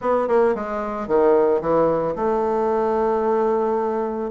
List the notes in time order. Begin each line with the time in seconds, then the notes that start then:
0.01 B3
0.28 A#3
0.55 G#3
1.07 D#3
1.61 E3
2.15 A3